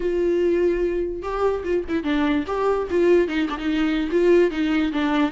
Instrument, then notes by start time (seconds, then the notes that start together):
viola
0.00 F4
1.22 G4
1.64 F4
1.88 E4
2.03 D4
2.47 G4
2.90 F4
3.27 D#4
3.49 D4
3.58 D#4
4.11 F4
4.51 D#4
4.92 D4